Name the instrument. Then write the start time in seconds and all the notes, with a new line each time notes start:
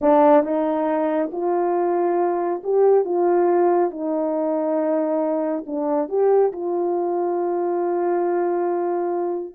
horn
0.01 D4
0.43 D#4
1.32 F4
2.63 G4
3.04 F4
3.91 D#4
5.66 D4
6.08 G4
6.52 F4